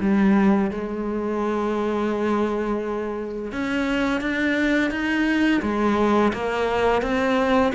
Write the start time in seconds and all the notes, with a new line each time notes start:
0.00 G3
0.71 G#3
3.52 C#4
4.21 D4
4.91 D#4
5.61 G#3
6.33 A#3
7.02 C4